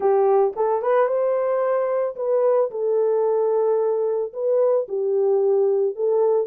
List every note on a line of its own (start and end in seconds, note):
0.00 0.53 G4
0.56 0.81 A4
0.81 1.07 B4
1.07 2.15 C5
2.16 2.70 B4
2.70 4.32 A4
4.33 4.87 B4
4.88 5.95 G4
5.95 6.47 A4